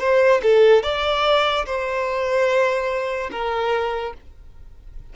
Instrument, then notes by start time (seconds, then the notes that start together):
violin
0.00 C5
0.43 A4
0.83 D5
1.66 C5
3.31 A#4